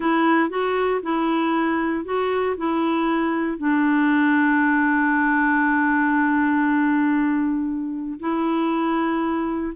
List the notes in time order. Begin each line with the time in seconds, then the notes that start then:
0.00 E4
0.49 F#4
1.02 E4
2.04 F#4
2.57 E4
3.57 D4
8.19 E4